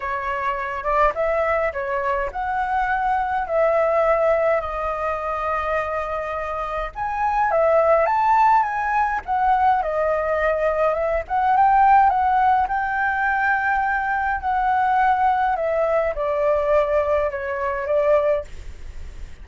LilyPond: \new Staff \with { instrumentName = "flute" } { \time 4/4 \tempo 4 = 104 cis''4. d''8 e''4 cis''4 | fis''2 e''2 | dis''1 | gis''4 e''4 a''4 gis''4 |
fis''4 dis''2 e''8 fis''8 | g''4 fis''4 g''2~ | g''4 fis''2 e''4 | d''2 cis''4 d''4 | }